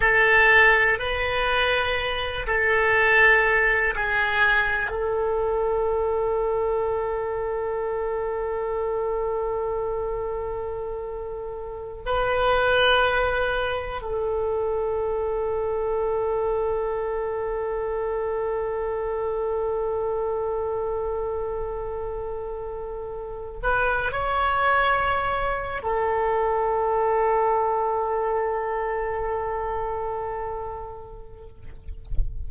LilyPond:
\new Staff \with { instrumentName = "oboe" } { \time 4/4 \tempo 4 = 61 a'4 b'4. a'4. | gis'4 a'2.~ | a'1~ | a'16 b'2 a'4.~ a'16~ |
a'1~ | a'1 | b'8 cis''4.~ cis''16 a'4.~ a'16~ | a'1 | }